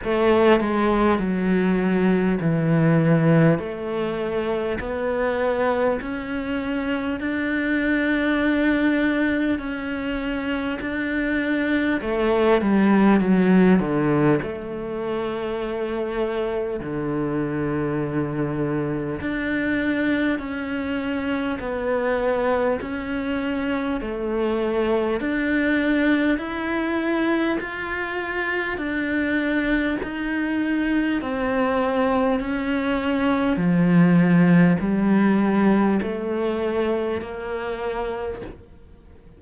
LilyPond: \new Staff \with { instrumentName = "cello" } { \time 4/4 \tempo 4 = 50 a8 gis8 fis4 e4 a4 | b4 cis'4 d'2 | cis'4 d'4 a8 g8 fis8 d8 | a2 d2 |
d'4 cis'4 b4 cis'4 | a4 d'4 e'4 f'4 | d'4 dis'4 c'4 cis'4 | f4 g4 a4 ais4 | }